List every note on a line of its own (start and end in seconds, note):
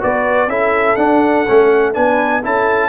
0.00 0.47 B3
0.00 0.48 F#4
0.00 0.48 B4
0.00 0.49 D5
0.47 0.95 C#4
0.47 0.97 E4
0.47 1.93 A4
0.47 0.96 E5
0.96 1.45 D4
0.96 1.92 F#5
1.47 1.96 A3
1.47 1.93 C#4
1.93 2.44 B3
1.93 2.41 D4
1.93 2.42 B4
1.93 2.42 G#5
2.42 2.88 C#4
2.42 2.88 E4
2.42 2.88 A4
2.42 2.88 A5